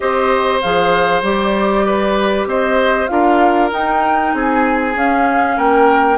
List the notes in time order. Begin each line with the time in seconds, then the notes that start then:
0.00 C4 G4 C5 D#5
0.61 F3 G#4 F5
1.22 G3 G4 D5
1.85 B4
2.46 C4 C5 D#5
3.07 D4 F4 A#4 F5
3.70 D#4 G5
4.33 C4 G#4 G#5
4.95 C#4 F5
5.56 A#3 A#4 G5